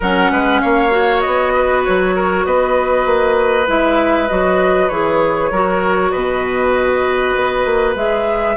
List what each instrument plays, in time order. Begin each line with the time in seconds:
0.00 bassoon F#3, clarinet C#4, oboe A#4, flute F#5
0.31 bassoon G#3, oboe B4
0.60 bassoon A#3, oboe C#5, flute F5
0.89 clarinet F#4
1.21 bassoon B3, flute D#5
1.54 oboe B4
1.84 bassoon F#3, flute C#5
2.15 oboe A#4
2.45 bassoon B3, oboe B4, flute D#5
3.05 bassoon A#3
3.67 bassoon G#3, clarinet E4, flute E5
4.28 bassoon F#3, clarinet F#4, flute D#5
4.88 bassoon E3, clarinet G#4, flute C#5
5.51 bassoon F#3, clarinet F#4, oboe A#4
6.11 bassoon B2, oboe B4, flute D#5
7.36 bassoon B3
7.65 bassoon A#3
7.95 bassoon G#3, clarinet G#4, flute E5